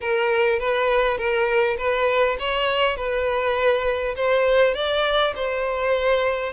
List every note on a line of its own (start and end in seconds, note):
0.00 0.59 A#4
0.59 1.17 B4
1.17 1.77 A#4
1.77 2.37 B4
2.39 2.96 C#5
2.96 4.15 B4
4.16 4.74 C5
4.74 5.33 D5
5.35 6.52 C5